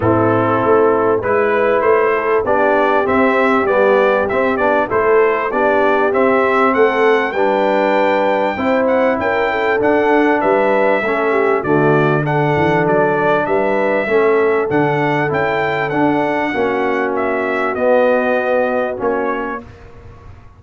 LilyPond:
<<
  \new Staff \with { instrumentName = "trumpet" } { \time 4/4 \tempo 4 = 98 a'2 b'4 c''4 | d''4 e''4 d''4 e''8 d''8 | c''4 d''4 e''4 fis''4 | g''2~ g''8 fis''8 g''4 |
fis''4 e''2 d''4 | fis''4 d''4 e''2 | fis''4 g''4 fis''2 | e''4 dis''2 cis''4 | }
  \new Staff \with { instrumentName = "horn" } { \time 4/4 e'2 b'4. a'8 | g'1 | a'4 g'2 a'4 | b'2 c''4 ais'8 a'8~ |
a'4 b'4 a'8 g'8 fis'4 | a'2 b'4 a'4~ | a'2. fis'4~ | fis'1 | }
  \new Staff \with { instrumentName = "trombone" } { \time 4/4 c'2 e'2 | d'4 c'4 b4 c'8 d'8 | e'4 d'4 c'2 | d'2 e'2 |
d'2 cis'4 a4 | d'2. cis'4 | d'4 e'4 d'4 cis'4~ | cis'4 b2 cis'4 | }
  \new Staff \with { instrumentName = "tuba" } { \time 4/4 a,4 a4 gis4 a4 | b4 c'4 g4 c'8 b8 | a4 b4 c'4 a4 | g2 c'4 cis'4 |
d'4 g4 a4 d4~ | d8 e8 fis4 g4 a4 | d4 cis'4 d'4 ais4~ | ais4 b2 ais4 | }
>>